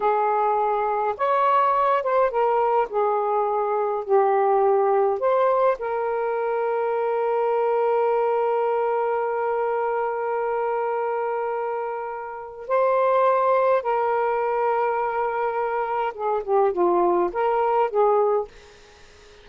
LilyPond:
\new Staff \with { instrumentName = "saxophone" } { \time 4/4 \tempo 4 = 104 gis'2 cis''4. c''8 | ais'4 gis'2 g'4~ | g'4 c''4 ais'2~ | ais'1~ |
ais'1~ | ais'2 c''2 | ais'1 | gis'8 g'8 f'4 ais'4 gis'4 | }